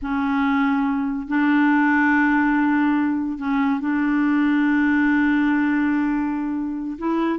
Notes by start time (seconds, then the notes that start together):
0.02 C#4
1.27 D4
3.38 C#4
3.80 D4
6.98 E4